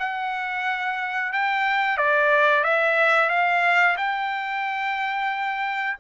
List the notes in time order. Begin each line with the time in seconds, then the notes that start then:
0.00 F#5
1.33 G5
1.98 D5
2.64 E5
3.30 F5
3.98 G5